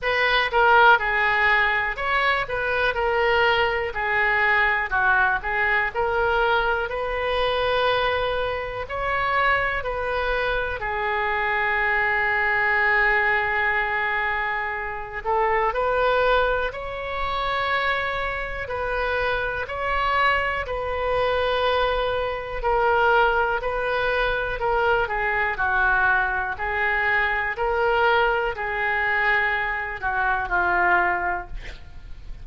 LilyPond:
\new Staff \with { instrumentName = "oboe" } { \time 4/4 \tempo 4 = 61 b'8 ais'8 gis'4 cis''8 b'8 ais'4 | gis'4 fis'8 gis'8 ais'4 b'4~ | b'4 cis''4 b'4 gis'4~ | gis'2.~ gis'8 a'8 |
b'4 cis''2 b'4 | cis''4 b'2 ais'4 | b'4 ais'8 gis'8 fis'4 gis'4 | ais'4 gis'4. fis'8 f'4 | }